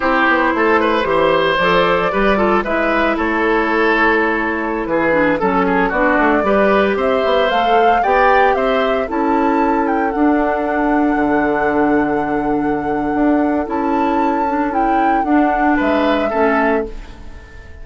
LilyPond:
<<
  \new Staff \with { instrumentName = "flute" } { \time 4/4 \tempo 4 = 114 c''2. d''4~ | d''4 e''4 cis''2~ | cis''4~ cis''16 b'4 a'4 d''8.~ | d''4~ d''16 e''4 f''4 g''8.~ |
g''16 e''4 a''4. g''8 fis''8.~ | fis''1~ | fis''2 a''2 | g''4 fis''4 e''2 | }
  \new Staff \with { instrumentName = "oboe" } { \time 4/4 g'4 a'8 b'8 c''2 | b'8 a'8 b'4 a'2~ | a'4~ a'16 gis'4 a'8 gis'8 fis'8.~ | fis'16 b'4 c''2 d''8.~ |
d''16 c''4 a'2~ a'8.~ | a'1~ | a'1~ | a'2 b'4 a'4 | }
  \new Staff \with { instrumentName = "clarinet" } { \time 4/4 e'2 g'4 a'4 | g'8 f'8 e'2.~ | e'4.~ e'16 d'8 cis'4 d'8.~ | d'16 g'2 a'4 g'8.~ |
g'4~ g'16 e'2 d'8.~ | d'1~ | d'2 e'4. d'8 | e'4 d'2 cis'4 | }
  \new Staff \with { instrumentName = "bassoon" } { \time 4/4 c'8 b8 a4 e4 f4 | g4 gis4 a2~ | a4~ a16 e4 fis4 b8 a16~ | a16 g4 c'8 b8 a4 b8.~ |
b16 c'4 cis'2 d'8.~ | d'4~ d'16 d2~ d8.~ | d4 d'4 cis'2~ | cis'4 d'4 gis4 a4 | }
>>